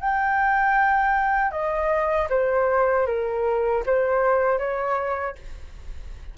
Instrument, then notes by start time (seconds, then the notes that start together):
flute
0.00 G5
1.51 D#5
2.29 C5
3.06 A#4
3.86 C5
4.58 C#5